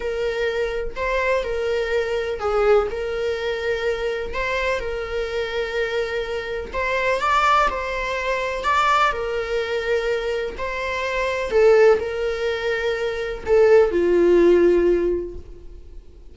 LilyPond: \new Staff \with { instrumentName = "viola" } { \time 4/4 \tempo 4 = 125 ais'2 c''4 ais'4~ | ais'4 gis'4 ais'2~ | ais'4 c''4 ais'2~ | ais'2 c''4 d''4 |
c''2 d''4 ais'4~ | ais'2 c''2 | a'4 ais'2. | a'4 f'2. | }